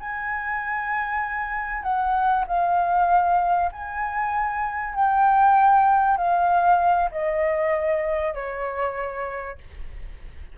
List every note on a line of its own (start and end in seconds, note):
0.00 1.83 G#5
1.83 2.45 F#5
2.47 3.71 F5
3.72 4.95 G#5
4.95 6.17 G5
6.17 7.10 F5
7.11 8.34 D#5
8.34 9.58 C#5